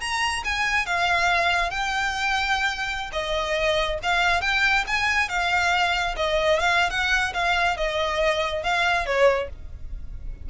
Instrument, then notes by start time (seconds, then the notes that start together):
violin
0.00 A#5
0.44 G#5
0.86 F5
1.70 G5
3.12 D#5
4.02 F5
4.41 G5
4.87 G#5
5.29 F5
6.16 D#5
6.59 F5
6.90 F#5
7.33 F5
7.77 D#5
8.63 F5
9.06 C#5